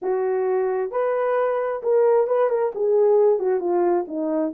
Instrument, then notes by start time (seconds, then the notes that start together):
horn
0.01 F#4
0.91 B4
1.83 A#4
2.27 B4
2.49 A#4
2.74 G#4
3.39 F#4
3.60 F4
4.07 D#4